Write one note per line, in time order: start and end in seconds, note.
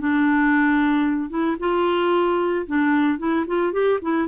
0.00 1.30 D4
1.30 1.57 E4
1.59 2.66 F4
2.67 3.19 D4
3.19 3.46 E4
3.47 3.73 F4
3.73 3.99 G4
4.02 4.28 E4